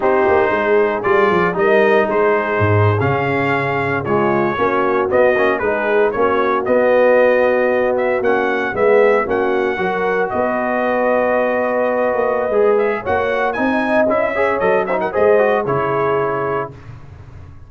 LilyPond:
<<
  \new Staff \with { instrumentName = "trumpet" } { \time 4/4 \tempo 4 = 115 c''2 d''4 dis''4 | c''4.~ c''16 f''2 cis''16~ | cis''4.~ cis''16 dis''4 b'4 cis''16~ | cis''8. dis''2~ dis''8 e''8 fis''16~ |
fis''8. e''4 fis''2 dis''16~ | dis''1~ | dis''8 e''8 fis''4 gis''4 e''4 | dis''8 e''16 fis''16 dis''4 cis''2 | }
  \new Staff \with { instrumentName = "horn" } { \time 4/4 g'4 gis'2 ais'4 | gis'2.~ gis'8. f'16~ | f'8. fis'2 gis'4 fis'16~ | fis'1~ |
fis'8. gis'4 fis'4 ais'4 b'16~ | b'1~ | b'4 cis''4 dis''4. cis''8~ | cis''8 c''16 ais'16 c''4 gis'2 | }
  \new Staff \with { instrumentName = "trombone" } { \time 4/4 dis'2 f'4 dis'4~ | dis'4.~ dis'16 cis'2 gis16~ | gis8. cis'4 b8 cis'8 dis'4 cis'16~ | cis'8. b2. cis'16~ |
cis'8. b4 cis'4 fis'4~ fis'16~ | fis'1 | gis'4 fis'4 dis'4 e'8 gis'8 | a'8 dis'8 gis'8 fis'8 e'2 | }
  \new Staff \with { instrumentName = "tuba" } { \time 4/4 c'8 ais8 gis4 g8 f8 g4 | gis4 gis,8. cis2~ cis16~ | cis8. ais4 b8 ais8 gis4 ais16~ | ais8. b2. ais16~ |
ais8. gis4 ais4 fis4 b16~ | b2.~ b16 ais8. | gis4 ais4 c'4 cis'4 | fis4 gis4 cis2 | }
>>